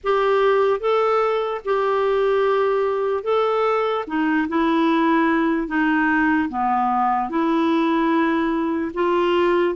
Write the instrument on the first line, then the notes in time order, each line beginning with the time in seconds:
clarinet
0.03 G4
0.80 A4
1.64 G4
3.23 A4
4.07 D#4
4.48 E4
5.68 D#4
6.49 B3
7.29 E4
8.94 F4